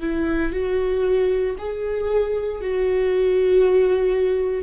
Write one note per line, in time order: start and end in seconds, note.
0.00 0.52 E4
0.52 1.56 F#4
1.58 2.61 G#4
2.61 4.63 F#4